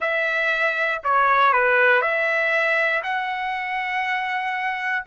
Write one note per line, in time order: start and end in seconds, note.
0.00 1.01 E5
1.03 1.52 C#5
1.52 2.01 B4
2.01 3.02 E5
3.03 5.04 F#5